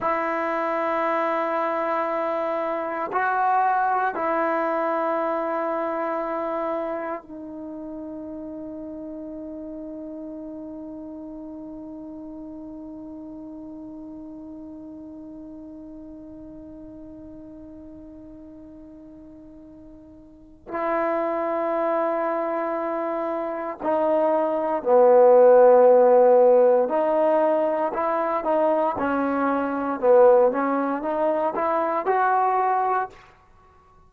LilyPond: \new Staff \with { instrumentName = "trombone" } { \time 4/4 \tempo 4 = 58 e'2. fis'4 | e'2. dis'4~ | dis'1~ | dis'1~ |
dis'1 | e'2. dis'4 | b2 dis'4 e'8 dis'8 | cis'4 b8 cis'8 dis'8 e'8 fis'4 | }